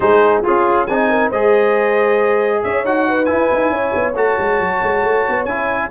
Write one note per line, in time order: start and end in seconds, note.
0.00 0.42 G#3
0.00 0.43 D#4
0.00 0.42 G#4
0.00 0.42 C5
0.42 0.88 C#4
0.42 0.86 F4
0.42 0.87 F4
0.42 0.86 G#4
0.86 1.31 C4
0.86 1.33 D#4
0.86 1.09 G#4
0.86 1.30 G#5
1.09 1.29 A#4
1.29 2.62 G#3
1.29 2.86 G#4
1.29 2.60 C5
1.29 2.63 D#5
2.63 2.84 C#4
2.63 3.08 C#5
2.63 2.85 E5
2.84 3.28 D#4
2.84 3.26 F#4
2.84 3.25 F#5
3.08 3.72 B4
3.25 4.14 E4
3.25 3.50 E4
3.25 4.12 G#5
3.52 3.69 D#4
3.69 3.91 C#4
3.69 5.90 C#5
3.94 4.14 B3
4.14 4.36 A3
4.14 5.47 F#4
4.14 5.45 A5
4.38 4.59 G#3
4.59 4.81 F#3
4.82 5.03 G#3
5.03 5.25 A3
5.28 5.45 B3
5.45 5.89 C#4
5.45 5.90 E4
5.45 5.89 G#5